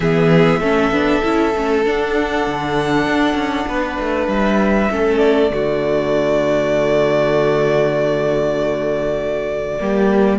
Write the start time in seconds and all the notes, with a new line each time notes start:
0.00 E3 B3 G#4 E5
0.60 A3 C#4 A4
0.91 B3 D4
1.23 C#4 E4
1.55 A3 C#4
1.85 D4 F#5
2.46 D3
3.07 D4
3.34 C#4
3.67 B3 B4
3.99 A3
4.27 G3 E5
4.91 A3 C#4 A4
5.17 D5
5.50 D3 A3 F#4
9.79 G3 A#3 G4